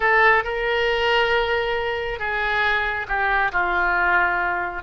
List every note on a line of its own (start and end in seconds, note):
0.00 0.44 A4
0.44 2.19 A#4
2.19 3.06 G#4
3.08 3.51 G4
3.52 4.82 F4